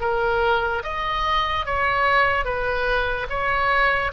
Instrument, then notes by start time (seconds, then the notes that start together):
oboe
0.00 A#4
0.83 D#5
1.66 C#5
2.44 B4
3.29 C#5